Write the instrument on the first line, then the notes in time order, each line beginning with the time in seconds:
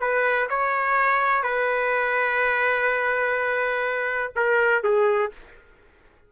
trumpet
0.00 B4
0.49 C#5
1.43 B4
4.36 A#4
4.83 G#4